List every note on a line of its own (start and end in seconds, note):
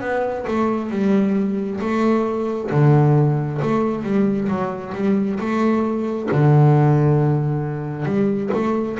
0.00 0.45 B3
0.48 0.90 A3
0.90 1.80 G3
1.81 2.70 A3
2.71 3.60 D3
3.62 4.03 A3
4.03 4.48 G3
4.48 4.93 F#3
4.94 5.39 G3
5.39 6.29 A3
6.31 8.05 D3
8.05 8.50 G3
8.54 8.98 A3